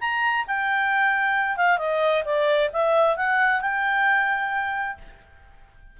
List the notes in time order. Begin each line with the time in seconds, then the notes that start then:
0.00 A#5
0.47 G5
1.56 F5
1.78 D#5
2.24 D5
2.73 E5
3.16 F#5
3.61 G5